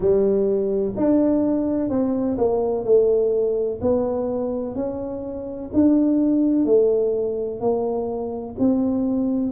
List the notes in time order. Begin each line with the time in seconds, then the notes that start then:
0.00 G3
0.96 D4
1.89 C4
2.37 A#3
2.84 A3
3.81 B3
4.75 C#4
5.73 D4
6.65 A3
7.60 A#3
8.58 C4